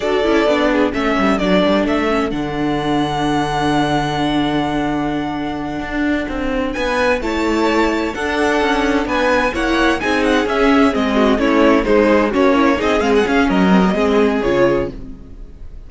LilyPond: <<
  \new Staff \with { instrumentName = "violin" } { \time 4/4 \tempo 4 = 129 d''2 e''4 d''4 | e''4 fis''2.~ | fis''1~ | fis''2~ fis''8 gis''4 a''8~ |
a''4. fis''2 gis''8~ | gis''8 fis''4 gis''8 fis''8 e''4 dis''8~ | dis''8 cis''4 c''4 cis''4 dis''8 | f''16 fis''16 f''8 dis''2 cis''4 | }
  \new Staff \with { instrumentName = "violin" } { \time 4/4 a'4. gis'8 a'2~ | a'1~ | a'1~ | a'2~ a'8 b'4 cis''8~ |
cis''4. a'2 b'8~ | b'8 cis''4 gis'2~ gis'8 | fis'8 e'4 dis'4 cis'4 gis'8~ | gis'4 ais'4 gis'2 | }
  \new Staff \with { instrumentName = "viola" } { \time 4/4 fis'8 e'8 d'4 cis'4 d'4~ | d'8 cis'8 d'2.~ | d'1~ | d'2.~ d'8 e'8~ |
e'4. d'2~ d'8~ | d'8 e'4 dis'4 cis'4 c'8~ | c'8 cis'4 gis8 gis'8 fis'8 e'8 dis'8 | c'8 cis'4 c'16 ais16 c'4 f'4 | }
  \new Staff \with { instrumentName = "cello" } { \time 4/4 d'8 cis'8 b4 a8 g8 fis8 g8 | a4 d2.~ | d1~ | d8 d'4 c'4 b4 a8~ |
a4. d'4 cis'4 b8~ | b8 ais4 c'4 cis'4 gis8~ | gis8 a4 gis4 ais4 c'8 | gis8 cis'8 fis4 gis4 cis4 | }
>>